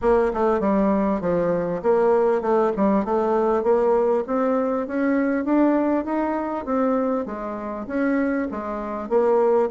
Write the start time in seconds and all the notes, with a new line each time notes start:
0.01 A#3
0.33 A3
0.60 G3
1.20 F3
1.82 A#3
2.41 A3
2.76 G3
3.04 A3
3.63 A#3
4.26 C4
4.87 C#4
5.44 D4
6.04 D#4
6.65 C4
7.25 G#3
7.87 C#4
8.51 G#3
9.09 A#3